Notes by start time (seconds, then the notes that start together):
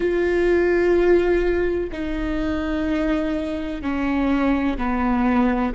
0.00 F4
1.92 D#4
3.81 C#4
4.77 B3